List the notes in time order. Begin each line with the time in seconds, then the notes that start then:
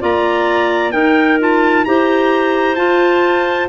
0.00 A#3 F4 D5 A#5
0.92 D#4 A#4 G5
1.40 F4 A5
1.85 E4 G4 C5 A#5
2.76 F4 A5